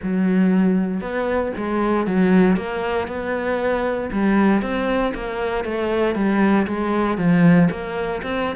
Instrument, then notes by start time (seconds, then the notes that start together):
cello
0.02 F#3
1.00 B3
1.57 G#3
2.07 F#3
2.56 A#3
3.07 B3
4.11 G3
4.62 C4
5.14 A#3
5.64 A3
6.15 G3
6.67 G#3
7.17 F3
7.70 A#3
8.22 C4